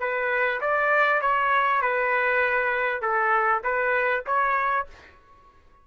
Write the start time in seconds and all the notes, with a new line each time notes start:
0.00 B4
0.61 D5
1.21 C#5
1.82 B4
3.02 A4
3.64 B4
4.26 C#5